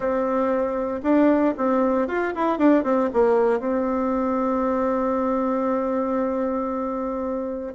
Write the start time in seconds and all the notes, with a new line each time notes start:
0.00 C4
1.02 D4
1.57 C4
2.07 F4
2.35 E4
2.58 D4
2.83 C4
3.13 A#3
3.59 C4